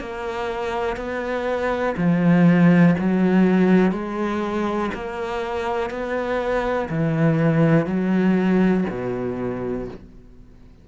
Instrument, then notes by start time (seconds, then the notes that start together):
cello
0.00 A#3
0.97 B3
1.97 F3
2.99 F#3
3.92 G#3
4.94 A#3
5.90 B3
6.89 E3
7.86 F#3
8.90 B2